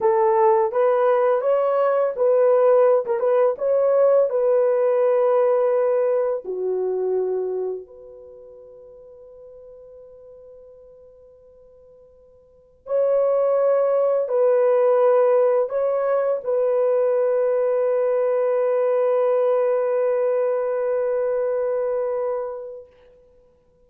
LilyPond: \new Staff \with { instrumentName = "horn" } { \time 4/4 \tempo 4 = 84 a'4 b'4 cis''4 b'4~ | b'16 ais'16 b'8 cis''4 b'2~ | b'4 fis'2 b'4~ | b'1~ |
b'2 cis''2 | b'2 cis''4 b'4~ | b'1~ | b'1 | }